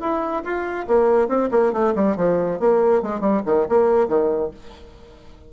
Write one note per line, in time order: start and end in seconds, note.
0.00 0.43 E4
0.44 0.86 F4
0.87 1.28 A#3
1.28 1.49 C4
1.51 1.72 A#3
1.72 1.94 A3
1.95 2.16 G3
2.16 2.59 F3
2.59 3.02 A#3
3.02 3.20 G#3
3.20 3.41 G3
3.46 3.67 D#3
3.68 4.08 A#3
4.08 4.51 D#3